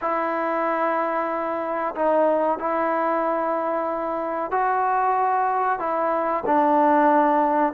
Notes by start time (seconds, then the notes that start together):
0.01 E4
1.95 D#4
2.58 E4
4.51 F#4
5.79 E4
6.45 D4